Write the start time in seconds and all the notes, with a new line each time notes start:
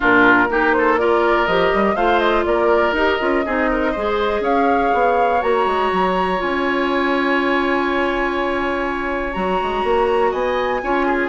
0.00 A#2 D4 F4 A#4
0.48 A#3 D#4 G4
0.72 A4 C5
0.98 F4 A#4 D5
1.46 F3 G4 D#5
1.73 G3
1.95 A3 F4 C5 F5
2.19 D#5
2.45 A#3 A#4 D5
2.92 D#4 G4 D#5
3.19 C#4 F4
3.45 C4 D#4 G#4
3.71 A#4
3.91 G#3 G#4 C5
4.40 C#4 C#5 F5
4.93 B3
5.40 A#3 F#4 A#5
5.65 G#3
5.91 F#3
6.37 C#4 F4 G#5
9.33 F#3 F#4 A#5
9.62 G#3
9.83 A#3
10.30 B3 D#5 G#5
10.82 C#4 F4 C#5
11.06 G#4